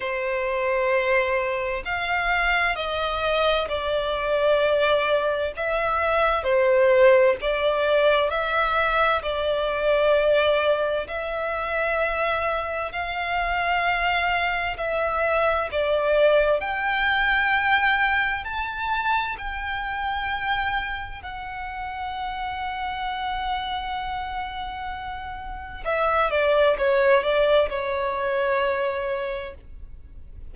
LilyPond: \new Staff \with { instrumentName = "violin" } { \time 4/4 \tempo 4 = 65 c''2 f''4 dis''4 | d''2 e''4 c''4 | d''4 e''4 d''2 | e''2 f''2 |
e''4 d''4 g''2 | a''4 g''2 fis''4~ | fis''1 | e''8 d''8 cis''8 d''8 cis''2 | }